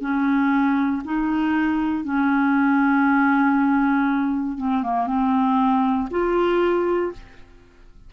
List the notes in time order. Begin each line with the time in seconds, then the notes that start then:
0.00 C#4
1.04 D#4
2.04 C#4
4.57 C4
4.83 A#3
5.07 C4
6.10 F4